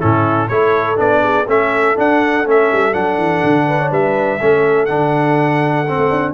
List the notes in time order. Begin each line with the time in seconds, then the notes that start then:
0.00 A2 C#4 E4 A4
0.49 A3 E4 A4 C#5
0.97 B3 D4 D5
1.23 G#4
1.48 A3 C#4 A4 E5
1.96 D4 F#5
2.46 A3 C#4 E5
2.72 G3
2.94 F#3 D4 F#5
3.18 E3
3.44 D3
3.68 B4
3.80 C#5
3.92 G3 B4 E5
4.41 A3 C#4 A4
4.86 D3 D4 F#5
5.89 C4
5.97 A3
6.11 D4